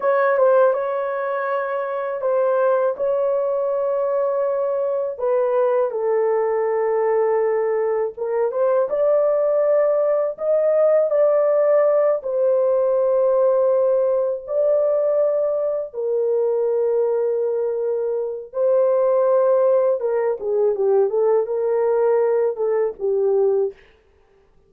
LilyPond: \new Staff \with { instrumentName = "horn" } { \time 4/4 \tempo 4 = 81 cis''8 c''8 cis''2 c''4 | cis''2. b'4 | a'2. ais'8 c''8 | d''2 dis''4 d''4~ |
d''8 c''2. d''8~ | d''4. ais'2~ ais'8~ | ais'4 c''2 ais'8 gis'8 | g'8 a'8 ais'4. a'8 g'4 | }